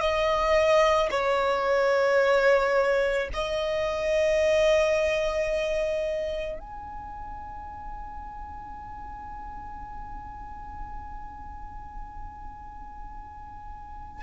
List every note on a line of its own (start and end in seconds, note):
0.00 1.09 D#5
1.10 3.28 C#5
3.33 6.60 D#5
6.60 14.22 G#5